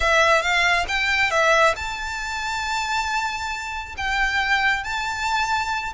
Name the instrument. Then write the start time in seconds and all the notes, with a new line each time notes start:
violin
0.00 E5
0.42 F5
0.88 G5
1.30 E5
1.76 A5
3.97 G5
4.83 A5